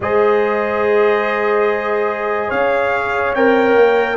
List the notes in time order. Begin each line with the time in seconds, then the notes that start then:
0.00 G#3 G#4 C5 D#5
2.47 C#4 C#5 F5
3.34 C4 A#4 G5
3.75 A#3